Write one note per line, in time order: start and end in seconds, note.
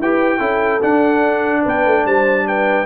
0.00 0.40 E4
0.00 0.40 G4
0.00 0.39 B4
0.00 0.83 G5
0.39 0.82 C#4
0.39 0.81 E4
0.39 1.62 A4
0.82 2.86 D4
0.82 1.66 D4
0.82 1.65 F#5
1.63 1.86 B3
1.63 2.04 B4
1.63 2.07 G5
1.86 2.06 A3
2.06 2.86 G3
2.06 2.47 C5
2.06 2.48 A5
2.48 2.86 B4
2.48 2.86 G5